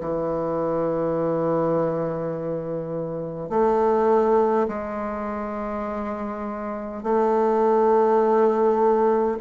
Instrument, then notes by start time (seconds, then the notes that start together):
bassoon
0.00 E3
3.49 A3
4.68 G#3
7.03 A3